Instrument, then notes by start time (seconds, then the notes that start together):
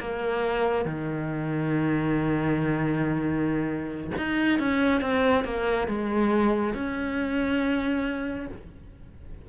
cello
0.00 A#3
0.85 D#3
4.18 D#4
4.59 C#4
5.01 C4
5.44 A#3
5.88 G#3
6.74 C#4